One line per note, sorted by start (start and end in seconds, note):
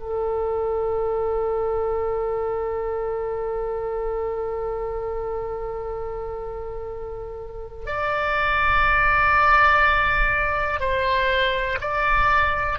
0.00 7.86 A4
7.86 10.80 D5
10.80 11.79 C5
11.81 12.79 D5